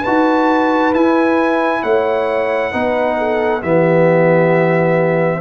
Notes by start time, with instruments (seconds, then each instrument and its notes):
0.00 trombone F#4, horn B4, trumpet A5
0.07 tuba D#4
0.93 tuba E4, trombone E4, trumpet G#5
1.82 tuba A3, horn C#5, trumpet F#5
2.71 tuba B3, trombone D#4, horn B4
3.17 horn A4
3.62 tuba E3, trombone B3, horn G4, trumpet E5